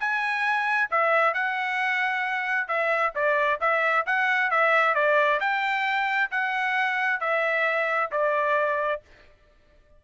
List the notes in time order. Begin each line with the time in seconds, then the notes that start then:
0.00 G#5
0.91 E5
1.34 F#5
2.68 E5
3.15 D5
3.61 E5
4.06 F#5
4.51 E5
4.95 D5
5.41 G5
6.31 F#5
7.20 E5
8.11 D5